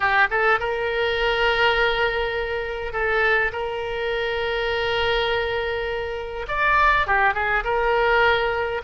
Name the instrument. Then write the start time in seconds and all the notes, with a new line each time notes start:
oboe
0.00 G4
0.30 A4
0.59 A#4
2.93 A4
3.52 A#4
6.48 D5
7.06 G4
7.34 G#4
7.64 A#4